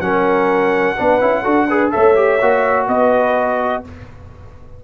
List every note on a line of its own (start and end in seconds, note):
0.00 0.95 F#3
0.00 0.96 C#4
0.00 0.97 A#4
0.00 1.90 F#5
0.97 1.21 B3
0.97 1.20 D4
0.97 1.43 B4
1.20 1.45 C#4
1.20 1.44 E4
1.43 1.93 D4
1.43 1.68 F#4
1.43 1.66 A4
1.69 1.91 G#4
1.69 1.93 B4
1.91 2.41 A3
1.91 2.15 A4
1.91 2.88 C#5
1.91 2.86 E5
2.15 2.39 G4
2.41 2.88 A#3
2.41 3.84 F#4
2.88 3.83 B3
2.88 3.84 B4
2.88 3.83 D#5